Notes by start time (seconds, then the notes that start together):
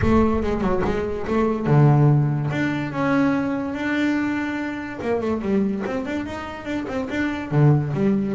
0.01 A3
0.42 G#3
0.61 F#3
0.84 G#3
1.27 A3
1.66 D3
2.50 D4
2.92 C#4
3.74 D4
5.01 A#3
5.20 A3
5.41 G3
5.85 C4
6.05 D4
6.25 D#4
6.65 D4
6.87 C4
7.09 D4
7.51 D3
7.93 G3